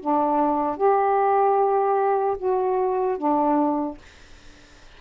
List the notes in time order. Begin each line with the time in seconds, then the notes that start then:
0.00 D4
0.77 G4
2.38 F#4
3.18 D4